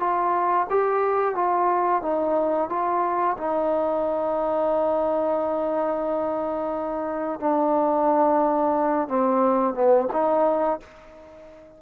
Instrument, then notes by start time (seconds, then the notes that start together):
trombone
0.00 F4
0.70 G4
1.35 F4
2.03 D#4
2.70 F4
3.38 D#4
7.40 D4
9.09 C4
9.74 B3
10.13 D#4